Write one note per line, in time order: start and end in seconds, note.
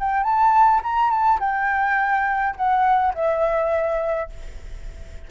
0.00 0.24 G5
0.24 0.81 A5
0.84 1.11 A#5
1.11 1.40 A5
1.40 2.56 G5
2.56 3.14 F#5
3.15 4.30 E5